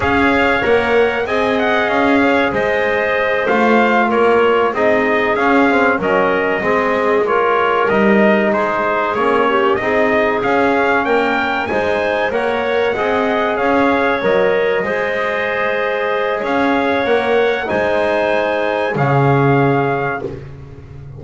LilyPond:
<<
  \new Staff \with { instrumentName = "trumpet" } { \time 4/4 \tempo 4 = 95 f''4 fis''4 gis''8 fis''8 f''4 | dis''4. f''4 cis''4 dis''8~ | dis''8 f''4 dis''2 cis''8~ | cis''8 dis''4 c''4 cis''4 dis''8~ |
dis''8 f''4 g''4 gis''4 fis''8~ | fis''4. f''4 dis''4.~ | dis''2 f''4 fis''4 | gis''2 f''2 | }
  \new Staff \with { instrumentName = "clarinet" } { \time 4/4 cis''2 dis''4. cis''8 | c''2~ c''8 ais'4 gis'8~ | gis'4. ais'4 gis'4 ais'8~ | ais'4. gis'4. g'8 gis'8~ |
gis'4. ais'4 c''4 cis''8~ | cis''8 dis''4 cis''2 c''8~ | c''2 cis''2 | c''2 gis'2 | }
  \new Staff \with { instrumentName = "trombone" } { \time 4/4 gis'4 ais'4 gis'2~ | gis'4. f'2 dis'8~ | dis'8 cis'8 c'8 cis'4 c'4 f'8~ | f'8 dis'2 cis'4 dis'8~ |
dis'8 cis'2 dis'4 ais'8~ | ais'8 gis'2 ais'4 gis'8~ | gis'2. ais'4 | dis'2 cis'2 | }
  \new Staff \with { instrumentName = "double bass" } { \time 4/4 cis'4 ais4 c'4 cis'4 | gis4. a4 ais4 c'8~ | c'8 cis'4 fis4 gis4.~ | gis8 g4 gis4 ais4 c'8~ |
c'8 cis'4 ais4 gis4 ais8~ | ais8 c'4 cis'4 fis4 gis8~ | gis2 cis'4 ais4 | gis2 cis2 | }
>>